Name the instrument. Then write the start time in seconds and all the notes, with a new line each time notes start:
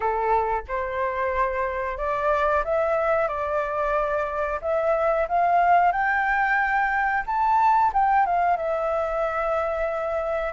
flute
0.00 A4
0.67 C5
1.97 D5
2.64 E5
3.28 D5
4.61 E5
5.28 F5
5.92 G5
7.26 A5
7.93 G5
8.26 F5
8.56 E5